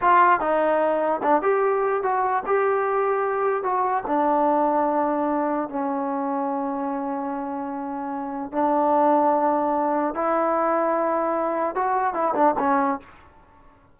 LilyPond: \new Staff \with { instrumentName = "trombone" } { \time 4/4 \tempo 4 = 148 f'4 dis'2 d'8 g'8~ | g'4 fis'4 g'2~ | g'4 fis'4 d'2~ | d'2 cis'2~ |
cis'1~ | cis'4 d'2.~ | d'4 e'2.~ | e'4 fis'4 e'8 d'8 cis'4 | }